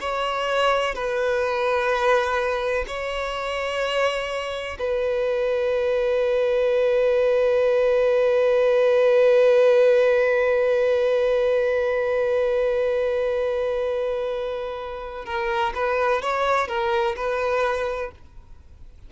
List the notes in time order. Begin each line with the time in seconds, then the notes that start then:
0.00 C#5
0.94 B4
2.87 C#5
4.79 B4
15.25 A#4
15.74 B4
16.22 C#5
16.68 A#4
17.16 B4